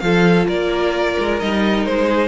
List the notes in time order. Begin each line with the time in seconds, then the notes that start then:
0.00 F3 F4 A4 F5
0.48 A#3 A#4 D5
1.19 G#3
1.40 G3 D#4 D#5
1.86 G#3 C5
2.07 G#4